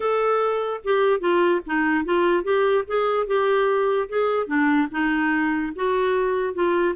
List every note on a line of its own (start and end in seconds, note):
0.00 0.80 A4
0.84 1.20 G4
1.20 1.60 F4
1.66 2.05 D#4
2.05 2.43 F4
2.43 2.84 G4
2.87 3.26 G#4
3.26 4.08 G4
4.08 4.47 G#4
4.47 4.87 D4
4.91 5.72 D#4
5.75 6.54 F#4
6.54 6.94 F4